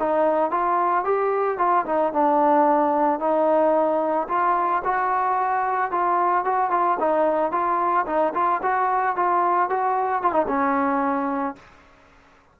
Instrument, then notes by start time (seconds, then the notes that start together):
trombone
0.00 D#4
0.51 F4
1.05 G4
1.58 F4
1.86 D#4
2.13 D4
3.20 D#4
4.29 F4
4.85 F#4
5.91 F4
6.45 F#4
6.71 F4
7.00 D#4
7.52 F4
8.07 D#4
8.34 F4
8.63 F#4
9.16 F4
9.70 F#4
10.23 F4
10.33 D#4
10.48 C#4